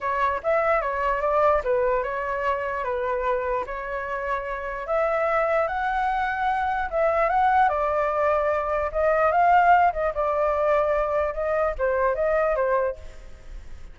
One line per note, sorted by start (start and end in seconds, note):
0.00 0.41 C#5
0.43 0.81 E5
0.81 1.21 C#5
1.21 1.61 D5
1.64 2.03 B4
2.03 2.83 C#5
2.83 3.64 B4
3.66 4.86 C#5
4.86 5.67 E5
5.67 6.89 F#5
6.90 7.29 E5
7.29 7.69 F#5
7.69 8.90 D5
8.92 9.31 D#5
9.31 9.92 F5
9.92 10.13 D#5
10.14 11.33 D5
11.33 11.74 D#5
11.78 12.15 C5
12.15 12.55 D#5
12.55 12.96 C5